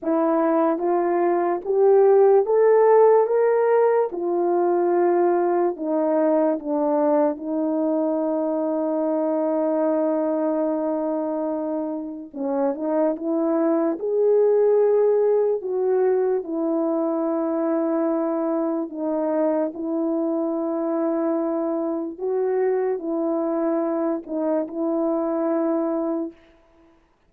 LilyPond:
\new Staff \with { instrumentName = "horn" } { \time 4/4 \tempo 4 = 73 e'4 f'4 g'4 a'4 | ais'4 f'2 dis'4 | d'4 dis'2.~ | dis'2. cis'8 dis'8 |
e'4 gis'2 fis'4 | e'2. dis'4 | e'2. fis'4 | e'4. dis'8 e'2 | }